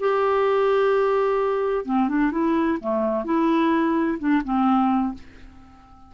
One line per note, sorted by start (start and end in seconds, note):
0.00 1.85 G4
1.85 2.09 C4
2.09 2.32 D4
2.32 2.79 E4
2.80 3.25 A3
3.25 4.18 E4
4.19 4.43 D4
4.44 5.15 C4